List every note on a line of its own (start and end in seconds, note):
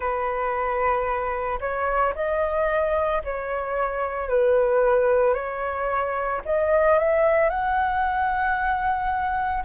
0.00 1.59 B4
1.60 2.13 C#5
2.15 3.22 D#5
3.24 4.29 C#5
4.29 5.33 B4
5.33 6.40 C#5
6.45 6.98 D#5
6.98 7.49 E5
7.49 9.63 F#5